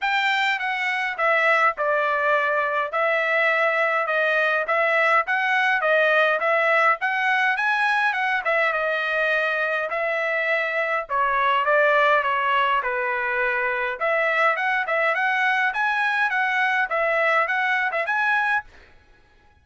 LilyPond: \new Staff \with { instrumentName = "trumpet" } { \time 4/4 \tempo 4 = 103 g''4 fis''4 e''4 d''4~ | d''4 e''2 dis''4 | e''4 fis''4 dis''4 e''4 | fis''4 gis''4 fis''8 e''8 dis''4~ |
dis''4 e''2 cis''4 | d''4 cis''4 b'2 | e''4 fis''8 e''8 fis''4 gis''4 | fis''4 e''4 fis''8. e''16 gis''4 | }